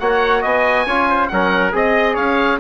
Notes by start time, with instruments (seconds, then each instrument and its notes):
0.00 bassoon A#3, trombone F#4, trumpet C#5, oboe F#5
0.42 bassoon B3, trumpet D#5, oboe G#5
0.86 bassoon C#4, trombone F4, trumpet C#5
1.10 trumpet C5
1.28 bassoon F#3, trombone C#4, trumpet A#4, oboe F#5
1.73 bassoon C4, trombone G#4, oboe D#5, trumpet D#5
2.14 bassoon C#4, trumpet C#5, oboe F5